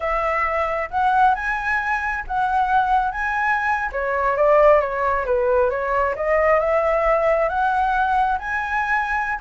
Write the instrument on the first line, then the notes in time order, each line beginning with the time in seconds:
flute
0.00 E5
0.90 F#5
1.35 G#5
2.27 F#5
3.11 G#5
3.92 C#5
4.36 D5
4.80 C#5
5.25 B4
5.70 C#5
6.15 D#5
6.59 E5
7.48 F#5
8.39 G#5